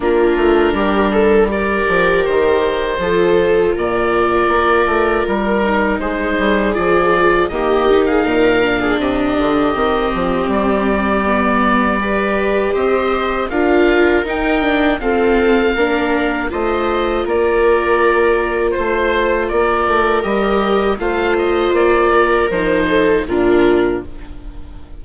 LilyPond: <<
  \new Staff \with { instrumentName = "oboe" } { \time 4/4 \tempo 4 = 80 ais'2 d''4 c''4~ | c''4 d''2 ais'4 | c''4 d''4 dis''8. f''4~ f''16 | dis''2 d''2~ |
d''4 dis''4 f''4 g''4 | f''2 dis''4 d''4~ | d''4 c''4 d''4 dis''4 | f''8 dis''8 d''4 c''4 ais'4 | }
  \new Staff \with { instrumentName = "viola" } { \time 4/4 f'4 g'8 a'8 ais'2 | a'4 ais'2. | gis'2 g'8. gis'16 ais'8. gis'16 | g'1 |
b'4 c''4 ais'2 | a'4 ais'4 c''4 ais'4~ | ais'4 c''4 ais'2 | c''4. ais'4 a'8 f'4 | }
  \new Staff \with { instrumentName = "viola" } { \time 4/4 d'2 g'2 | f'2.~ f'8 dis'8~ | dis'4 f'4 ais8 dis'4 d'8~ | d'4 c'2 b4 |
g'2 f'4 dis'8 d'8 | c'4 d'4 f'2~ | f'2. g'4 | f'2 dis'4 d'4 | }
  \new Staff \with { instrumentName = "bassoon" } { \time 4/4 ais8 a8 g4. f8 dis4 | f4 ais,4 ais8 a8 g4 | gis8 g8 f4 dis4 ais,4 | c8 d8 dis8 f8 g2~ |
g4 c'4 d'4 dis'4 | f'4 ais4 a4 ais4~ | ais4 a4 ais8 a8 g4 | a4 ais4 f4 ais,4 | }
>>